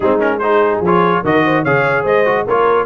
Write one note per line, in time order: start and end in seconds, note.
0.00 0.79 G#3
0.00 0.19 C4
0.00 0.40 D#4
0.00 0.19 G#4
0.19 0.39 C#4
0.19 0.38 A#4
0.38 0.84 D#4
0.38 1.23 G#4
0.38 0.79 C5
0.80 1.21 F3
0.80 1.25 C#5
0.86 1.24 F4
1.23 1.65 D#3
1.23 1.65 F#4
1.23 1.44 A#4
1.23 1.64 D#5
1.44 1.63 C5
1.63 2.04 C#3
1.63 2.25 G#4
1.63 2.03 C#5
1.63 2.05 F5
2.03 2.45 G#3
2.03 2.44 C5
2.03 2.47 D#5
2.25 2.45 F#4
2.46 2.86 A#3
2.46 2.86 F4
2.46 2.86 A#4
2.46 2.86 C#5